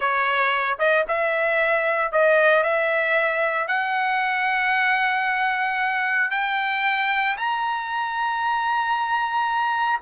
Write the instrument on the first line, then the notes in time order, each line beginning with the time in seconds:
trumpet
0.00 C#5
0.78 D#5
1.08 E5
2.11 D#5
2.63 E5
3.67 F#5
6.31 G5
7.37 A#5